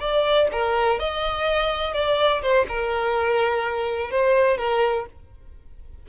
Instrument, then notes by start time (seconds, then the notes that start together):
violin
0.00 D5
0.52 A#4
0.99 D#5
1.94 D5
2.42 C5
2.69 A#4
4.11 C5
4.58 A#4